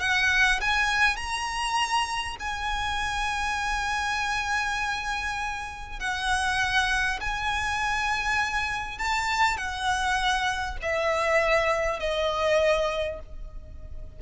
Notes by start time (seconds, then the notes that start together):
0.00 F#5
0.61 G#5
1.16 A#5
2.40 G#5
5.99 F#5
7.20 G#5
8.98 A5
9.57 F#5
10.82 E5
12.00 D#5